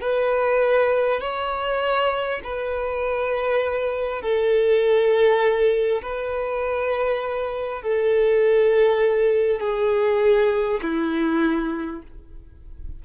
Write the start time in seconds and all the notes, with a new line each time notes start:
0.00 B4
1.20 C#5
2.43 B4
4.22 A4
6.02 B4
7.82 A4
9.60 G#4
10.82 E4